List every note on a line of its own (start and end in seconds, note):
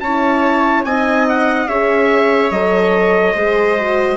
0.00 0.84 C#4
0.00 0.87 E4
0.00 0.86 C#5
0.00 0.83 A5
0.84 1.67 C4
0.84 1.68 D#4
0.84 1.68 D#5
0.84 1.26 G#5
1.28 1.68 F#5
1.67 2.50 C#4
1.67 2.52 G#4
1.67 3.33 C#5
1.67 2.51 E5
2.50 3.34 F#3
2.50 3.36 A4
2.50 4.17 D#5
3.33 4.17 G#3
3.33 3.77 G#4
3.33 4.16 C5
3.78 4.17 F#4